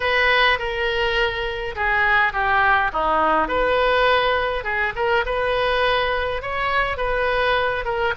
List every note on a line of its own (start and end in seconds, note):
0.00 0.58 B4
0.59 1.75 A#4
1.75 2.32 G#4
2.32 2.91 G4
2.92 3.48 D#4
3.48 4.64 B4
4.64 4.93 G#4
4.95 5.24 A#4
5.25 6.42 B4
6.42 6.97 C#5
6.97 7.84 B4
7.84 8.13 A#4